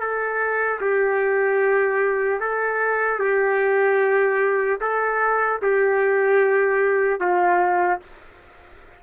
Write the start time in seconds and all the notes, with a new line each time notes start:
0.00 A4
0.81 G4
2.40 A4
3.20 G4
4.81 A4
5.62 G4
7.20 F4